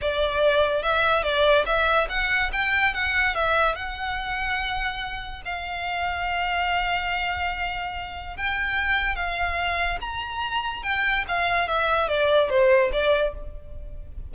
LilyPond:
\new Staff \with { instrumentName = "violin" } { \time 4/4 \tempo 4 = 144 d''2 e''4 d''4 | e''4 fis''4 g''4 fis''4 | e''4 fis''2.~ | fis''4 f''2.~ |
f''1 | g''2 f''2 | ais''2 g''4 f''4 | e''4 d''4 c''4 d''4 | }